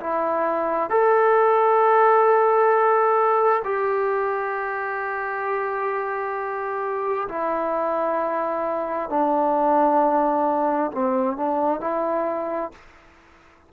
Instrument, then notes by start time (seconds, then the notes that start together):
trombone
0.00 E4
0.90 A4
3.64 G4
7.28 E4
9.09 D4
10.91 C4
11.37 D4
11.80 E4